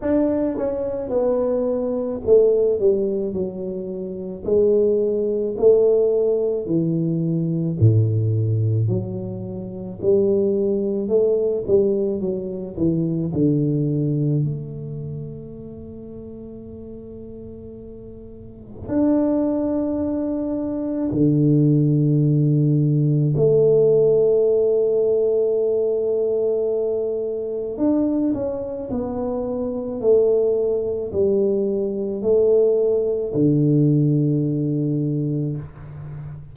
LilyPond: \new Staff \with { instrumentName = "tuba" } { \time 4/4 \tempo 4 = 54 d'8 cis'8 b4 a8 g8 fis4 | gis4 a4 e4 a,4 | fis4 g4 a8 g8 fis8 e8 | d4 a2.~ |
a4 d'2 d4~ | d4 a2.~ | a4 d'8 cis'8 b4 a4 | g4 a4 d2 | }